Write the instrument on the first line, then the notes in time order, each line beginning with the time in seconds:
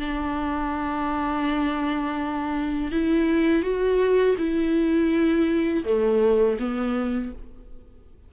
viola
0.00 D4
2.92 E4
3.63 F#4
4.38 E4
5.85 A3
6.60 B3